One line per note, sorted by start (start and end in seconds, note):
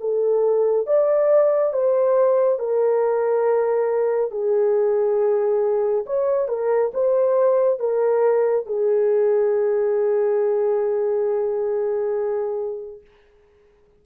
0.00 0.87 A4
0.87 1.73 D5
1.73 2.59 C5
2.59 4.31 A#4
4.31 6.05 G#4
6.06 6.48 C#5
6.48 6.92 A#4
6.94 7.79 C5
7.79 8.66 A#4
8.66 13.01 G#4